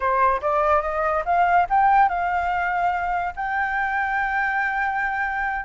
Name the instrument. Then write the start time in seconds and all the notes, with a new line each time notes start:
flute
0.00 C5
0.41 D5
0.81 D#5
1.25 F5
1.69 G5
2.08 F5
3.36 G5